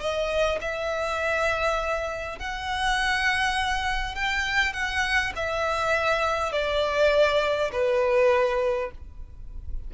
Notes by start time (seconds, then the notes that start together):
0.00 D#5
0.61 E5
2.39 F#5
4.16 G5
4.73 F#5
5.36 E5
6.53 D5
7.72 B4